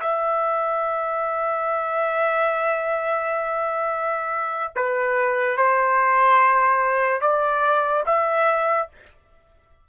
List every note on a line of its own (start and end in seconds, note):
0.00 4.73 E5
4.75 5.57 B4
5.57 7.21 C5
7.21 8.03 D5
8.06 8.88 E5